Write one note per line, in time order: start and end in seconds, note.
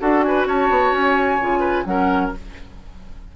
0.00 0.46 D4
0.00 1.40 F#4
0.00 0.25 A4
0.00 0.22 F#5
0.22 0.48 B4
0.22 0.46 G#5
0.46 0.69 C#4
0.46 1.60 C#5
0.46 0.94 A5
0.70 0.92 B3
0.92 1.38 C#4
0.92 1.86 G#5
1.41 1.86 C#3
1.41 1.86 F4
1.60 1.83 B4
1.86 2.32 F#3
1.86 2.32 C#4
1.86 2.36 A#4
1.86 2.32 F#5